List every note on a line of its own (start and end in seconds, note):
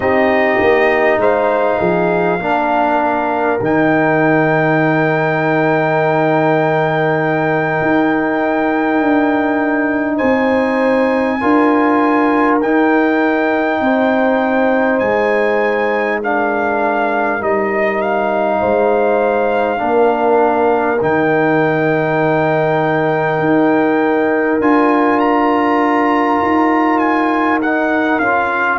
0.00 0.59 C4
0.00 2.39 D#4
0.00 1.20 G4
0.00 1.20 D#5
0.60 1.17 A#3
1.17 1.77 G#3
1.17 1.79 C5
1.17 3.61 F5
1.79 2.39 F3
1.79 2.39 G#4
2.39 3.59 A#3
2.39 3.59 D4
2.39 10.16 A#4
3.60 7.80 D#3
3.60 11.40 D#4
3.60 10.17 G5
7.81 9.00 D#4
9.00 10.20 D4
10.16 11.42 C4
10.16 11.36 C5
10.16 12.57 G#5
11.40 12.62 D4
11.40 12.61 F4
11.40 13.80 A#4
12.61 13.80 D#4
12.61 16.23 D#4
12.61 14.99 G5
13.80 15.00 C4
13.80 16.20 C5
14.99 17.40 G#3
14.99 16.19 G#5
16.20 17.39 D4
16.20 18.59 A#4
16.20 17.42 F5
17.39 18.61 G3
17.39 19.77 D#4
17.39 18.01 D#5
18.01 21.01 F5
18.59 19.80 G#3
18.59 19.79 C5
19.77 21.00 A#3
19.77 20.97 D4
19.77 28.79 A#4
21.01 23.39 D#3
21.01 24.61 D#4
21.01 24.61 G5
23.39 24.59 D#4
24.59 26.39 D4
24.59 27.61 F4
24.59 25.19 G#5
25.19 26.98 A#5
26.42 28.19 D#4
26.98 27.59 G#5
27.61 28.21 D#4
27.61 28.19 F#5
28.19 28.79 C#4
28.19 28.79 F4
28.19 28.79 F5